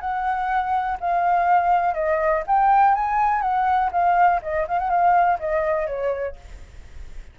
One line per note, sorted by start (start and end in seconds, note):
0.00 0.98 F#5
1.00 1.94 F5
1.94 2.43 D#5
2.47 2.94 G5
2.94 3.41 G#5
3.41 3.90 F#5
3.92 4.40 F5
4.42 4.66 D#5
4.67 4.78 F5
4.78 4.89 F#5
4.89 5.38 F5
5.39 5.86 D#5
5.86 6.35 C#5